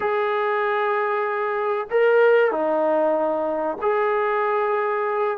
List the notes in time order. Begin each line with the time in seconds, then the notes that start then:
0.00 G#4
1.90 A#4
2.51 D#4
3.81 G#4